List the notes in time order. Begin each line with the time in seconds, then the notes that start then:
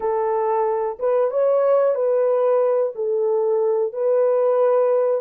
0.00 A4
0.99 B4
1.30 C#5
1.94 B4
2.95 A4
3.92 B4